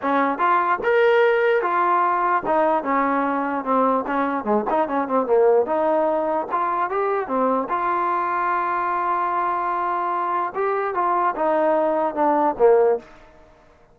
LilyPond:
\new Staff \with { instrumentName = "trombone" } { \time 4/4 \tempo 4 = 148 cis'4 f'4 ais'2 | f'2 dis'4 cis'4~ | cis'4 c'4 cis'4 gis8 dis'8 | cis'8 c'8 ais4 dis'2 |
f'4 g'4 c'4 f'4~ | f'1~ | f'2 g'4 f'4 | dis'2 d'4 ais4 | }